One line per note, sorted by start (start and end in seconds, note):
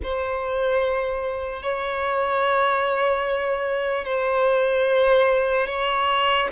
0.03 1.62 C5
1.62 4.04 C#5
4.04 5.66 C5
5.66 6.48 C#5